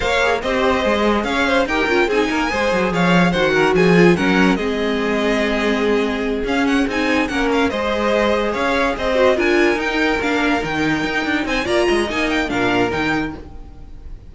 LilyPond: <<
  \new Staff \with { instrumentName = "violin" } { \time 4/4 \tempo 4 = 144 f''4 dis''2 f''4 | g''4 gis''2 f''4 | fis''4 gis''4 fis''4 dis''4~ | dis''2.~ dis''8 f''8 |
fis''8 gis''4 fis''8 f''8 dis''4.~ | dis''8 f''4 dis''4 gis''4 g''8~ | g''8 f''4 g''2 gis''8 | ais''4 gis''8 g''8 f''4 g''4 | }
  \new Staff \with { instrumentName = "violin" } { \time 4/4 cis''4 c''2 cis''8 c''8 | ais'4 gis'8 ais'8 c''4 cis''4 | c''8 ais'8 gis'4 ais'4 gis'4~ | gis'1~ |
gis'4. ais'4 c''4.~ | c''8 cis''4 c''4 ais'4.~ | ais'2.~ ais'8 c''8 | d''8 dis''4. ais'2 | }
  \new Staff \with { instrumentName = "viola" } { \time 4/4 ais'8 gis'8 g'4 gis'2 | g'8 f'8 dis'4 gis'2 | fis'4. f'8 cis'4 c'4~ | c'2.~ c'8 cis'8~ |
cis'8 dis'4 cis'4 gis'4.~ | gis'2 fis'8 f'4 dis'8~ | dis'8 d'4 dis'2~ dis'8 | f'4 dis'4 d'4 dis'4 | }
  \new Staff \with { instrumentName = "cello" } { \time 4/4 ais4 c'4 gis4 cis'4 | dis'8 cis'8 c'8 ais8 gis8 fis8 f4 | dis4 f4 fis4 gis4~ | gis2.~ gis8 cis'8~ |
cis'8 c'4 ais4 gis4.~ | gis8 cis'4 c'4 d'4 dis'8~ | dis'8 ais4 dis4 dis'8 d'8 c'8 | ais8 gis8 ais4 ais,4 dis4 | }
>>